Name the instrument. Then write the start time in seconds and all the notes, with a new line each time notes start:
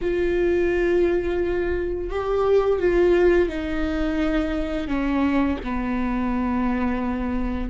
viola
0.01 F4
2.09 G4
2.79 F4
3.48 D#4
4.87 C#4
5.63 B3